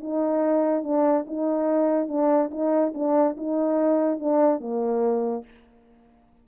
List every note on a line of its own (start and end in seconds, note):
0.00 0.83 D#4
0.83 1.25 D4
1.27 2.08 D#4
2.08 2.50 D4
2.50 2.92 D#4
2.94 3.36 D4
3.37 4.19 D#4
4.19 4.60 D4
4.60 5.44 A#3